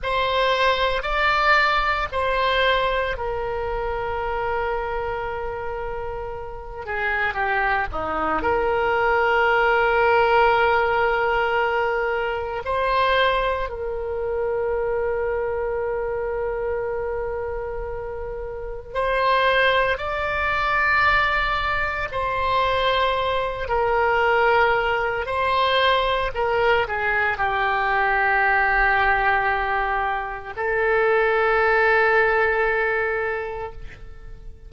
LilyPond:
\new Staff \with { instrumentName = "oboe" } { \time 4/4 \tempo 4 = 57 c''4 d''4 c''4 ais'4~ | ais'2~ ais'8 gis'8 g'8 dis'8 | ais'1 | c''4 ais'2.~ |
ais'2 c''4 d''4~ | d''4 c''4. ais'4. | c''4 ais'8 gis'8 g'2~ | g'4 a'2. | }